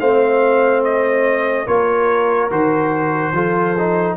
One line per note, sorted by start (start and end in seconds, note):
0.00 1.67 A3
0.00 1.67 C4
0.00 1.66 C5
0.00 0.83 F5
0.84 1.67 D#5
1.66 2.51 A#3
1.66 2.50 F4
1.66 3.33 A#4
1.66 2.51 C#5
2.50 3.32 D#3
2.50 3.34 F#4
2.50 4.17 C5
3.32 4.16 F3
3.32 3.76 F4
3.32 4.17 A4
3.78 4.17 D#4